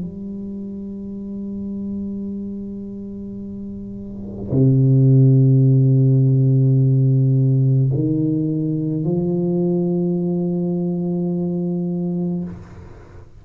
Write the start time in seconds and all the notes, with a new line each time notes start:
0.00 G3
4.51 C3
7.94 D#3
9.04 F3